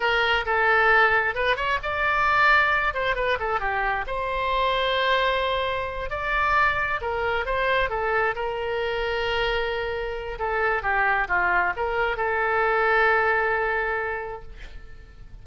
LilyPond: \new Staff \with { instrumentName = "oboe" } { \time 4/4 \tempo 4 = 133 ais'4 a'2 b'8 cis''8 | d''2~ d''8 c''8 b'8 a'8 | g'4 c''2.~ | c''4. d''2 ais'8~ |
ais'8 c''4 a'4 ais'4.~ | ais'2. a'4 | g'4 f'4 ais'4 a'4~ | a'1 | }